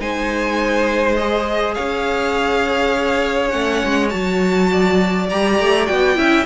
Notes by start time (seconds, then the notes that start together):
0.00 G#3 D#4 C5 G#5
1.15 G#4 D#5
1.74 C#4 C#5 F5
3.49 A3 C#4 F#5
3.84 G#3
4.09 F#3 F#4 A5
4.71 D5
5.30 G3 G4 A#5
5.59 A3
5.86 B3 F#4 G5
6.15 C#4 E4 E5